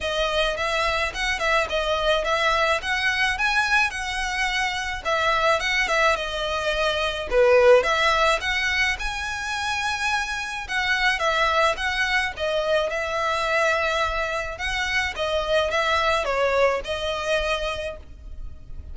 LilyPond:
\new Staff \with { instrumentName = "violin" } { \time 4/4 \tempo 4 = 107 dis''4 e''4 fis''8 e''8 dis''4 | e''4 fis''4 gis''4 fis''4~ | fis''4 e''4 fis''8 e''8 dis''4~ | dis''4 b'4 e''4 fis''4 |
gis''2. fis''4 | e''4 fis''4 dis''4 e''4~ | e''2 fis''4 dis''4 | e''4 cis''4 dis''2 | }